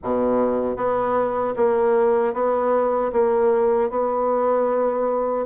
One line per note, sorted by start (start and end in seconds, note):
0.03 0.76 B2
0.76 1.54 B3
1.56 2.33 A#3
2.33 3.11 B3
3.12 3.90 A#3
3.90 5.45 B3